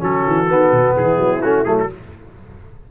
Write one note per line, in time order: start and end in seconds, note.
0.00 0.25 F#3
0.00 0.47 C#4
0.00 0.95 F#4
0.00 0.97 A4
0.28 0.50 E3
0.49 0.72 D#3
0.49 1.42 B3
0.72 0.96 B2
0.96 1.18 E3
0.96 1.89 E4
0.96 1.42 G#4
1.18 1.41 F#3
1.42 1.66 A3
1.42 1.64 C#4
1.42 1.64 F#4
1.64 1.90 F#3
1.64 1.87 A3
1.64 1.76 G#4
1.80 1.92 A4